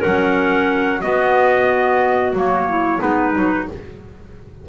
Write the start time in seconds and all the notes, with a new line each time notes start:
0.00 F#3 C#4 A#4 F#5
1.01 B3 F#4 D#5
2.33 F#3 A#3 C#5
2.68 E4
2.98 G#3 B3 D#4 B4
3.35 F#3 D#4